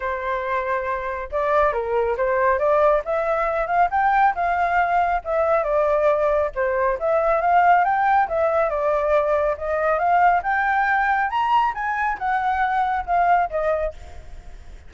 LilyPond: \new Staff \with { instrumentName = "flute" } { \time 4/4 \tempo 4 = 138 c''2. d''4 | ais'4 c''4 d''4 e''4~ | e''8 f''8 g''4 f''2 | e''4 d''2 c''4 |
e''4 f''4 g''4 e''4 | d''2 dis''4 f''4 | g''2 ais''4 gis''4 | fis''2 f''4 dis''4 | }